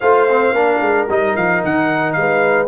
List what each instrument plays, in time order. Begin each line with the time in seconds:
0.00 tuba A3, trombone F4, horn C5, trumpet F5
0.29 trombone C4
0.52 tuba A#3, trombone D4, horn A#4
0.81 tuba G#3
1.08 tuba G3, trombone D#4, trumpet D#5
1.36 tuba F3, trumpet F5
1.64 tuba D#3, trumpet F#5
2.12 tuba G#3, horn B4, trumpet F5